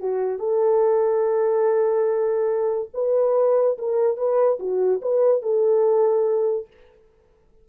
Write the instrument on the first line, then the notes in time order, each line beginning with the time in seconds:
horn
0.00 F#4
0.39 A4
2.94 B4
3.78 A#4
4.17 B4
4.59 F#4
5.02 B4
5.42 A4